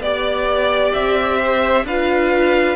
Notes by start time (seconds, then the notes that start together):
0.00 B3 G4 D5
0.94 C4 E5
1.38 C5
1.85 D4 F4 B4 F5